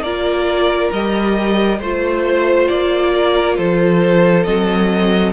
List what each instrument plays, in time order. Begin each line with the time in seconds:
0.00 cello A#3, viola F4, violin A#4 D5
0.92 cello G3, viola G4, violin D#5
1.79 cello A3, viola F4, violin C5
2.67 cello A#3, violin D5
3.14 violin A#4
3.57 cello F3, violin A4 C5
4.44 cello F#3, viola C4, violin D#5